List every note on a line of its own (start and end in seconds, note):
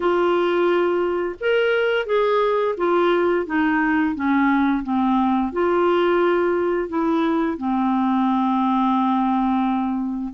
0.00 1.35 F4
1.40 2.06 A#4
2.06 2.75 G#4
2.77 3.46 F4
3.46 4.15 D#4
4.15 4.83 C#4
4.83 5.52 C4
5.52 6.88 F4
6.88 7.57 E4
7.57 10.33 C4